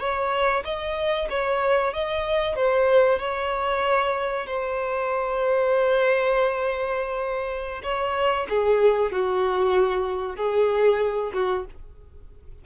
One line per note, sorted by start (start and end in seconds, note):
0.00 0.64 C#5
0.65 1.29 D#5
1.30 1.94 C#5
1.94 2.56 D#5
2.56 3.19 C5
3.19 4.47 C#5
4.47 7.82 C5
7.83 8.47 C#5
8.50 9.12 G#4
9.12 10.37 F#4
10.37 11.32 G#4
11.34 11.66 F#4